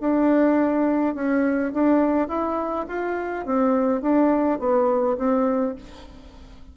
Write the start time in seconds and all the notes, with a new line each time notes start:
0.00 D4
1.14 C#4
1.73 D4
2.28 E4
2.87 F4
3.45 C4
4.01 D4
4.59 B3
5.17 C4